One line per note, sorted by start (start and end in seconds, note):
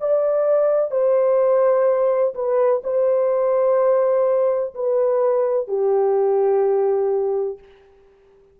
0.00 0.91 D5
0.91 2.34 C5
2.35 2.82 B4
2.84 4.74 C5
4.74 5.68 B4
5.68 7.58 G4